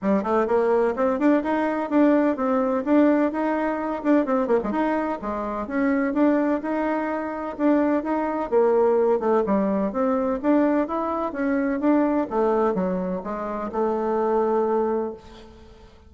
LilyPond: \new Staff \with { instrumentName = "bassoon" } { \time 4/4 \tempo 4 = 127 g8 a8 ais4 c'8 d'8 dis'4 | d'4 c'4 d'4 dis'4~ | dis'8 d'8 c'8 ais16 gis16 dis'4 gis4 | cis'4 d'4 dis'2 |
d'4 dis'4 ais4. a8 | g4 c'4 d'4 e'4 | cis'4 d'4 a4 fis4 | gis4 a2. | }